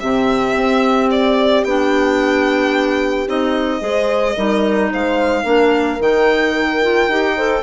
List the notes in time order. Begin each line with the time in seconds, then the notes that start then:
0.00 C3 C4 G4 E5
0.56 C4
1.11 D5
1.65 B3 D4 G5
3.27 C4 D#4 D#5
3.81 G#3 G#4 C5
4.36 G3 D#4 A#4
4.91 G#3 C5 F5
5.43 A#3 D4 A#4
6.00 D#3 D#4 G5
6.82 F4
7.08 D#4 G4
7.36 A4 C5